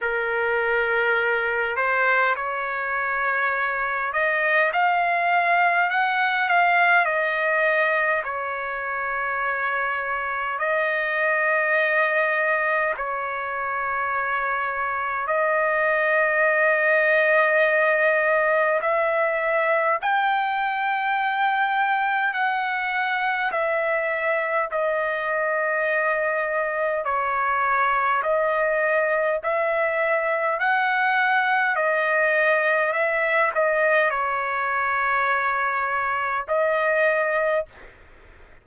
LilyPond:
\new Staff \with { instrumentName = "trumpet" } { \time 4/4 \tempo 4 = 51 ais'4. c''8 cis''4. dis''8 | f''4 fis''8 f''8 dis''4 cis''4~ | cis''4 dis''2 cis''4~ | cis''4 dis''2. |
e''4 g''2 fis''4 | e''4 dis''2 cis''4 | dis''4 e''4 fis''4 dis''4 | e''8 dis''8 cis''2 dis''4 | }